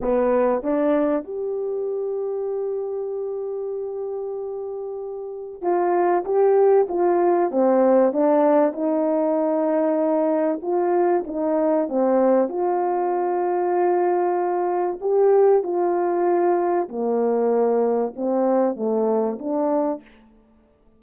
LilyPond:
\new Staff \with { instrumentName = "horn" } { \time 4/4 \tempo 4 = 96 b4 d'4 g'2~ | g'1~ | g'4 f'4 g'4 f'4 | c'4 d'4 dis'2~ |
dis'4 f'4 dis'4 c'4 | f'1 | g'4 f'2 ais4~ | ais4 c'4 a4 d'4 | }